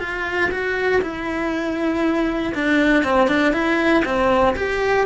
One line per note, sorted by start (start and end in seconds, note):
0.00 0.50 F4
0.51 1.02 F#4
1.02 2.54 E4
2.55 3.04 D4
3.04 3.28 C4
3.28 3.53 D4
3.53 4.04 E4
4.05 4.56 C4
4.57 5.06 G4